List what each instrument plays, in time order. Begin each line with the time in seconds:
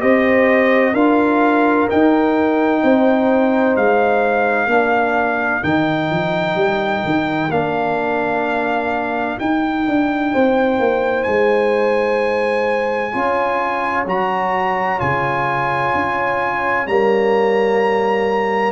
0.00 tuba C4, trombone G4, horn C5, trumpet D#5
0.93 tuba D4, trombone F4, horn A#4, trumpet F5
1.88 trombone D#4, tuba D#4, trumpet G5
2.83 tuba C4, horn C5
3.76 tuba G#3, trumpet F5
4.66 tuba A#3, trombone D4, horn A#4
5.62 tuba D#3, trombone D#4, trumpet G5
6.10 tuba F3
6.55 tuba G3
7.04 tuba D#3
7.48 tuba A#3, trombone D4, trumpet F5
9.38 trombone D#4, tuba D#4, trumpet G5
9.87 tuba D4
10.33 tuba C4, horn C5
10.79 tuba A#3
11.23 tuba G#3, trumpet G#5
13.12 tuba C#4, trombone F4, horn C#5
14.05 tuba F#3, trombone F#4, trumpet A#5
14.98 tuba C#3, trombone F4, trumpet G#5
15.94 tuba C#4
16.87 tuba G3, trombone A#3, trumpet A#5